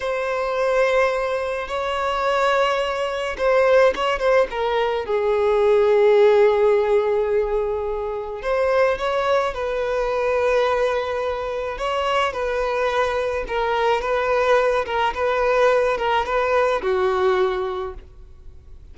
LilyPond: \new Staff \with { instrumentName = "violin" } { \time 4/4 \tempo 4 = 107 c''2. cis''4~ | cis''2 c''4 cis''8 c''8 | ais'4 gis'2.~ | gis'2. c''4 |
cis''4 b'2.~ | b'4 cis''4 b'2 | ais'4 b'4. ais'8 b'4~ | b'8 ais'8 b'4 fis'2 | }